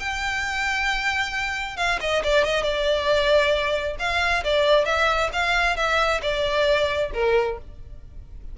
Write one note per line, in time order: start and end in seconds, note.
0.00 1.77 G5
1.77 1.99 F5
2.01 2.23 D#5
2.24 2.45 D5
2.45 2.63 D#5
2.63 3.97 D5
4.00 4.44 F5
4.44 4.86 D5
4.86 5.30 E5
5.33 5.77 F5
5.77 6.21 E5
6.22 7.11 D5
7.14 7.58 A#4